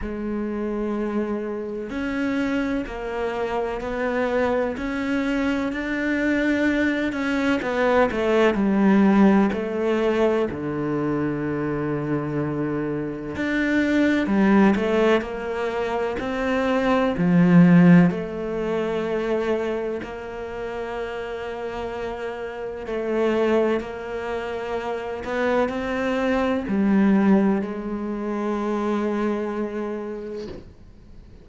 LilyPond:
\new Staff \with { instrumentName = "cello" } { \time 4/4 \tempo 4 = 63 gis2 cis'4 ais4 | b4 cis'4 d'4. cis'8 | b8 a8 g4 a4 d4~ | d2 d'4 g8 a8 |
ais4 c'4 f4 a4~ | a4 ais2. | a4 ais4. b8 c'4 | g4 gis2. | }